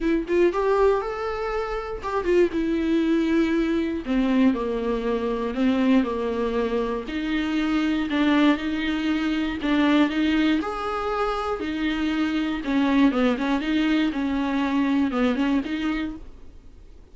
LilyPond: \new Staff \with { instrumentName = "viola" } { \time 4/4 \tempo 4 = 119 e'8 f'8 g'4 a'2 | g'8 f'8 e'2. | c'4 ais2 c'4 | ais2 dis'2 |
d'4 dis'2 d'4 | dis'4 gis'2 dis'4~ | dis'4 cis'4 b8 cis'8 dis'4 | cis'2 b8 cis'8 dis'4 | }